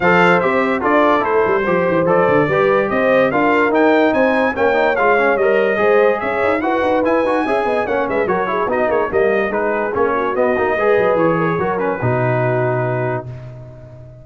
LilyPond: <<
  \new Staff \with { instrumentName = "trumpet" } { \time 4/4 \tempo 4 = 145 f''4 e''4 d''4 c''4~ | c''4 d''2 dis''4 | f''4 g''4 gis''4 g''4 | f''4 dis''2 e''4 |
fis''4 gis''2 fis''8 e''8 | cis''4 dis''8 cis''8 dis''4 b'4 | cis''4 dis''2 cis''4~ | cis''8 b'2.~ b'8 | }
  \new Staff \with { instrumentName = "horn" } { \time 4/4 c''2 a'2 | c''2 b'4 c''4 | ais'2 c''4 cis''4~ | cis''2 c''4 cis''4 |
b'2 e''8 dis''8 cis''8 b'8 | ais'8 gis'8 fis'8 gis'8 ais'4 gis'4~ | gis'8 fis'4. b'4. ais'16 gis'16 | ais'4 fis'2. | }
  \new Staff \with { instrumentName = "trombone" } { \time 4/4 a'4 g'4 f'4 e'4 | g'4 a'4 g'2 | f'4 dis'2 cis'8 dis'8 | f'8 cis'8 ais'4 gis'2 |
fis'4 e'8 fis'8 gis'4 cis'4 | fis'8 e'8 dis'4 ais4 dis'4 | cis'4 b8 dis'8 gis'2 | fis'8 cis'8 dis'2. | }
  \new Staff \with { instrumentName = "tuba" } { \time 4/4 f4 c'4 d'4 a8 g8 | f8 e8 f8 d8 g4 c'4 | d'4 dis'4 c'4 ais4 | gis4 g4 gis4 cis'8 dis'8 |
e'8 dis'8 e'8 dis'8 cis'8 b8 ais8 gis8 | fis4 b8 ais8 g4 gis4 | ais4 b8 ais8 gis8 fis8 e4 | fis4 b,2. | }
>>